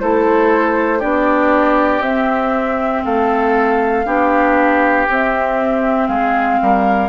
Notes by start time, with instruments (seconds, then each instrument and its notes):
0.00 bassoon A3, clarinet E4, oboe A4, flute C5
0.99 bassoon B3, clarinet D4, oboe G4, flute D5
2.00 bassoon C4, clarinet C4, flute E5
3.05 bassoon A3, oboe A4, flute F5
4.06 bassoon B3, clarinet D4, oboe G4
5.09 bassoon C4, clarinet C4, flute E5
6.07 bassoon G#3, oboe G#4, flute F5
6.62 bassoon G3, oboe A#4